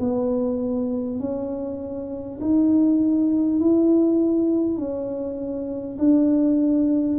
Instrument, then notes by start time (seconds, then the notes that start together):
tuba
0.00 B3
1.20 C#4
2.42 D#4
3.61 E4
4.78 C#4
5.99 D4